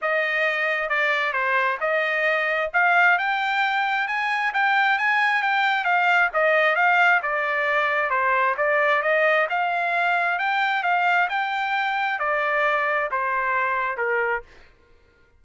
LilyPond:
\new Staff \with { instrumentName = "trumpet" } { \time 4/4 \tempo 4 = 133 dis''2 d''4 c''4 | dis''2 f''4 g''4~ | g''4 gis''4 g''4 gis''4 | g''4 f''4 dis''4 f''4 |
d''2 c''4 d''4 | dis''4 f''2 g''4 | f''4 g''2 d''4~ | d''4 c''2 ais'4 | }